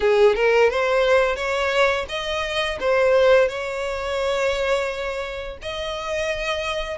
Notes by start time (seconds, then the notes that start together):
0.00 G#4
0.35 A#4
0.70 C5
1.36 C#5
2.08 D#5
2.80 C5
3.48 C#5
5.62 D#5